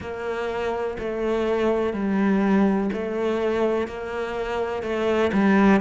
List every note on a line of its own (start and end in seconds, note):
0.00 0.97 A#3
0.99 1.93 A3
1.93 2.90 G3
2.93 3.87 A3
3.87 4.83 A#3
4.83 5.31 A3
5.32 5.81 G3